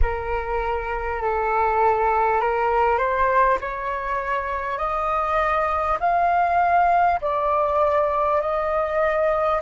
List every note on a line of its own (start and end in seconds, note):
0.02 1.22 A#4
1.22 2.40 A4
2.40 2.98 A#4
2.98 3.58 C5
3.60 4.78 C#5
4.78 5.98 D#5
6.00 7.20 F5
7.21 8.41 D5
8.41 9.61 D#5